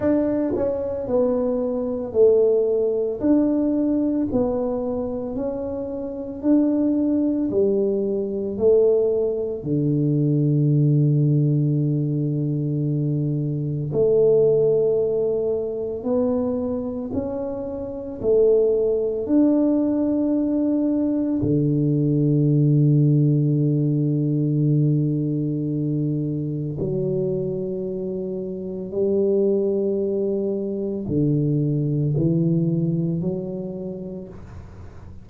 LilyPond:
\new Staff \with { instrumentName = "tuba" } { \time 4/4 \tempo 4 = 56 d'8 cis'8 b4 a4 d'4 | b4 cis'4 d'4 g4 | a4 d2.~ | d4 a2 b4 |
cis'4 a4 d'2 | d1~ | d4 fis2 g4~ | g4 d4 e4 fis4 | }